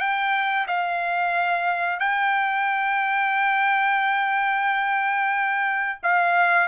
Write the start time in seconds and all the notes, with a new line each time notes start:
0.00 G5
0.68 F5
1.99 G5
6.03 F5